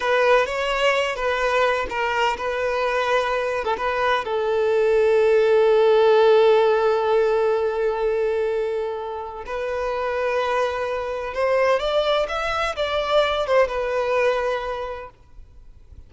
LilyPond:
\new Staff \with { instrumentName = "violin" } { \time 4/4 \tempo 4 = 127 b'4 cis''4. b'4. | ais'4 b'2~ b'8. a'16 | b'4 a'2.~ | a'1~ |
a'1 | b'1 | c''4 d''4 e''4 d''4~ | d''8 c''8 b'2. | }